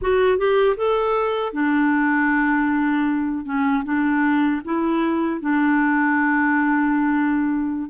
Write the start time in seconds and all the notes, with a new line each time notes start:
0.01 F#4
0.38 G4
0.77 A4
1.52 D4
3.45 C#4
3.84 D4
4.64 E4
5.41 D4